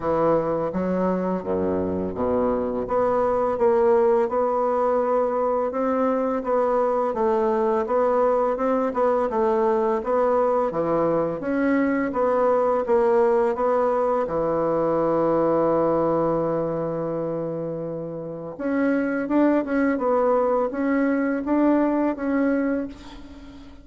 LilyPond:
\new Staff \with { instrumentName = "bassoon" } { \time 4/4 \tempo 4 = 84 e4 fis4 fis,4 b,4 | b4 ais4 b2 | c'4 b4 a4 b4 | c'8 b8 a4 b4 e4 |
cis'4 b4 ais4 b4 | e1~ | e2 cis'4 d'8 cis'8 | b4 cis'4 d'4 cis'4 | }